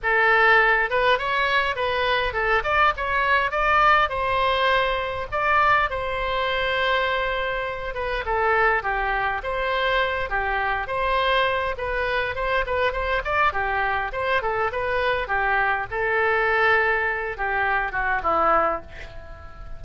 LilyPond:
\new Staff \with { instrumentName = "oboe" } { \time 4/4 \tempo 4 = 102 a'4. b'8 cis''4 b'4 | a'8 d''8 cis''4 d''4 c''4~ | c''4 d''4 c''2~ | c''4. b'8 a'4 g'4 |
c''4. g'4 c''4. | b'4 c''8 b'8 c''8 d''8 g'4 | c''8 a'8 b'4 g'4 a'4~ | a'4. g'4 fis'8 e'4 | }